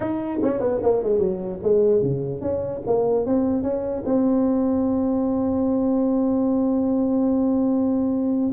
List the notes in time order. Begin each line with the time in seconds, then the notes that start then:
0.00 D#4
0.42 C#4
0.60 B3
0.82 A#3
1.03 G#3
1.19 F#3
1.63 G#3
2.02 C#3
2.41 C#4
2.86 A#3
3.26 C4
3.62 C#4
4.05 C4